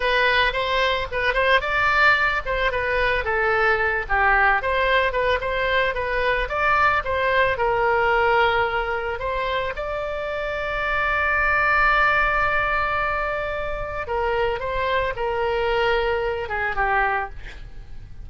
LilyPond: \new Staff \with { instrumentName = "oboe" } { \time 4/4 \tempo 4 = 111 b'4 c''4 b'8 c''8 d''4~ | d''8 c''8 b'4 a'4. g'8~ | g'8 c''4 b'8 c''4 b'4 | d''4 c''4 ais'2~ |
ais'4 c''4 d''2~ | d''1~ | d''2 ais'4 c''4 | ais'2~ ais'8 gis'8 g'4 | }